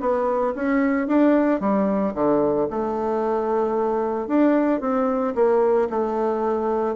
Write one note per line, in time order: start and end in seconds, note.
0.00 0.54 B3
0.55 1.07 C#4
1.07 1.60 D4
1.60 2.14 G3
2.14 2.68 D3
2.70 4.27 A3
4.27 4.81 D4
4.81 5.34 C4
5.35 5.88 A#3
5.90 6.95 A3